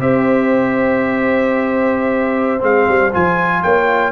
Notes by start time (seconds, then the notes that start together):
0.00 C4 G4 C5 E5
2.60 G#3 C4 F5
2.88 G3
3.13 F3 F4 G#5
3.63 A#3 C#5 G5